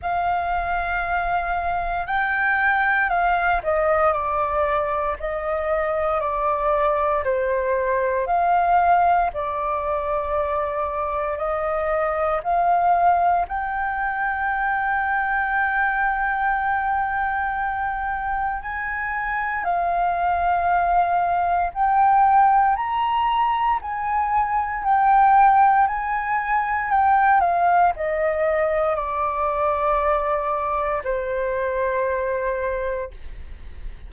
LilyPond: \new Staff \with { instrumentName = "flute" } { \time 4/4 \tempo 4 = 58 f''2 g''4 f''8 dis''8 | d''4 dis''4 d''4 c''4 | f''4 d''2 dis''4 | f''4 g''2.~ |
g''2 gis''4 f''4~ | f''4 g''4 ais''4 gis''4 | g''4 gis''4 g''8 f''8 dis''4 | d''2 c''2 | }